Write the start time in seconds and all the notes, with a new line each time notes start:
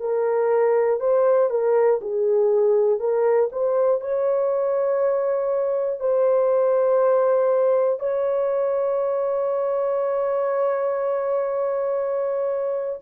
0.00 A#4
1.00 C5
1.50 A#4
2.00 G#4
3.00 A#4
3.51 C5
4.00 C#5
6.00 C5
7.99 C#5